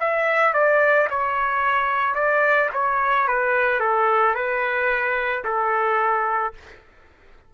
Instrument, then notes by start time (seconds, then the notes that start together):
trumpet
0.00 E5
0.54 D5
1.10 C#5
2.15 D5
2.74 C#5
3.28 B4
3.80 A4
4.35 B4
5.44 A4